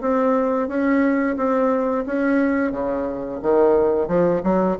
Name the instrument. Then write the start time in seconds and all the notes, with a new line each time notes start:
bassoon
0.00 C4
0.68 C#4
1.36 C4
2.06 C#4
2.71 C#3
3.42 D#3
4.07 F3
4.43 F#3